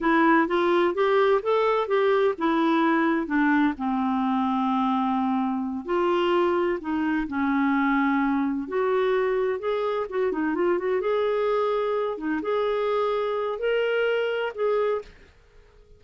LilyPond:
\new Staff \with { instrumentName = "clarinet" } { \time 4/4 \tempo 4 = 128 e'4 f'4 g'4 a'4 | g'4 e'2 d'4 | c'1~ | c'8 f'2 dis'4 cis'8~ |
cis'2~ cis'8 fis'4.~ | fis'8 gis'4 fis'8 dis'8 f'8 fis'8 gis'8~ | gis'2 dis'8 gis'4.~ | gis'4 ais'2 gis'4 | }